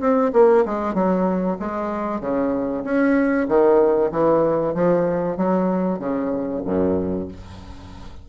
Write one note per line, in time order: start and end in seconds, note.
0.00 0.32 C4
0.33 0.65 A#3
0.65 0.94 G#3
0.94 1.57 F#3
1.59 2.20 G#3
2.20 2.84 C#3
2.84 3.47 C#4
3.48 4.11 D#3
4.11 4.74 E3
4.74 5.37 F3
5.37 5.99 F#3
5.99 6.62 C#3
6.65 7.28 F#2